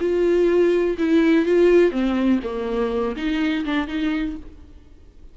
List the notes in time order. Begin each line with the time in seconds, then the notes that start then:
0.00 F4
0.98 E4
1.45 F4
1.91 C4
2.43 A#3
3.16 D#4
3.65 D4
3.87 D#4